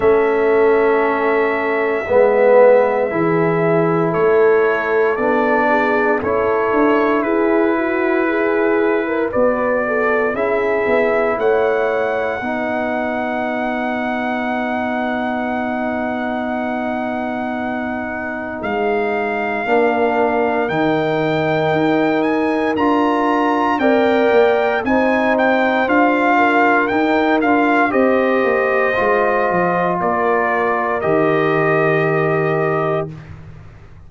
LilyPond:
<<
  \new Staff \with { instrumentName = "trumpet" } { \time 4/4 \tempo 4 = 58 e''1 | cis''4 d''4 cis''4 b'4~ | b'4 d''4 e''4 fis''4~ | fis''1~ |
fis''2 f''2 | g''4. gis''8 ais''4 g''4 | gis''8 g''8 f''4 g''8 f''8 dis''4~ | dis''4 d''4 dis''2 | }
  \new Staff \with { instrumentName = "horn" } { \time 4/4 a'2 b'4 gis'4 | a'4. gis'8 a'4 gis'8 fis'8 | gis'8. ais'16 b'8 a'8 gis'4 cis''4 | b'1~ |
b'2. ais'4~ | ais'2. d''4 | c''4. ais'4. c''4~ | c''4 ais'2. | }
  \new Staff \with { instrumentName = "trombone" } { \time 4/4 cis'2 b4 e'4~ | e'4 d'4 e'2~ | e'4 fis'4 e'2 | dis'1~ |
dis'2. d'4 | dis'2 f'4 ais'4 | dis'4 f'4 dis'8 f'8 g'4 | f'2 g'2 | }
  \new Staff \with { instrumentName = "tuba" } { \time 4/4 a2 gis4 e4 | a4 b4 cis'8 d'8 e'4~ | e'4 b4 cis'8 b8 a4 | b1~ |
b2 gis4 ais4 | dis4 dis'4 d'4 c'8 ais8 | c'4 d'4 dis'8 d'8 c'8 ais8 | gis8 f8 ais4 dis2 | }
>>